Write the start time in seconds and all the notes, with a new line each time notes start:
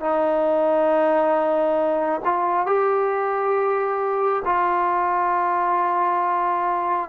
0.00 D#4
2.24 F4
2.66 G4
4.45 F4